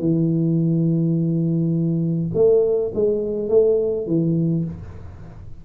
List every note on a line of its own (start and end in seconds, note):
0.00 2.31 E3
2.35 2.92 A3
2.95 3.49 G#3
3.49 4.07 A3
4.07 4.65 E3